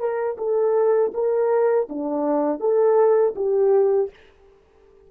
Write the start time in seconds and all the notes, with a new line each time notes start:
0.00 A#4
0.38 A4
1.14 A#4
1.90 D4
2.61 A4
3.36 G4